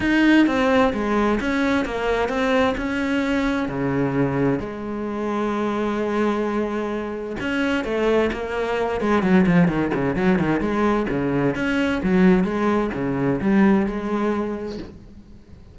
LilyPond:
\new Staff \with { instrumentName = "cello" } { \time 4/4 \tempo 4 = 130 dis'4 c'4 gis4 cis'4 | ais4 c'4 cis'2 | cis2 gis2~ | gis1 |
cis'4 a4 ais4. gis8 | fis8 f8 dis8 cis8 fis8 dis8 gis4 | cis4 cis'4 fis4 gis4 | cis4 g4 gis2 | }